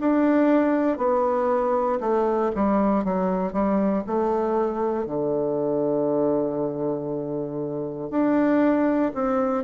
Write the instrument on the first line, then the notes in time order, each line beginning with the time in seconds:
bassoon
0.00 D4
0.98 B3
2.01 A3
2.55 G3
3.05 F#3
3.53 G3
4.07 A3
5.06 D3
8.10 D4
9.14 C4